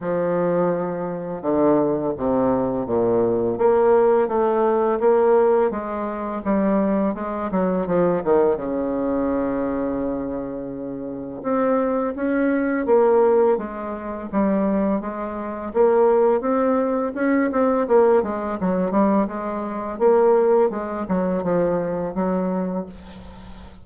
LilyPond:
\new Staff \with { instrumentName = "bassoon" } { \time 4/4 \tempo 4 = 84 f2 d4 c4 | ais,4 ais4 a4 ais4 | gis4 g4 gis8 fis8 f8 dis8 | cis1 |
c'4 cis'4 ais4 gis4 | g4 gis4 ais4 c'4 | cis'8 c'8 ais8 gis8 fis8 g8 gis4 | ais4 gis8 fis8 f4 fis4 | }